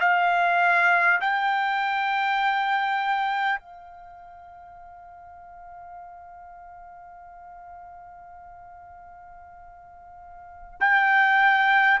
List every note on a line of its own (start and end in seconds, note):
0.00 1.20 F5
1.21 3.59 G5
3.59 10.79 F5
10.80 12.00 G5